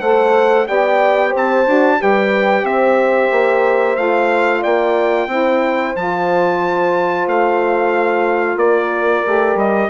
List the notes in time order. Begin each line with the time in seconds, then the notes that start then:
0.00 A3 A4 C5 F#5
0.66 B3 G4 D5 G5
1.30 C4 C5
1.36 A5
1.65 D4 F#4
1.97 G3 G4 B4 G5
2.63 C4 C5 E5
3.31 A#3
3.95 A3 F4 F5
4.61 A#3 D5 G5
5.26 C4 E4 C5
5.96 F3 F4 A5
7.27 A3 F5
8.56 A#3 A#4 D5
9.24 A3 G4
9.55 G3 D#5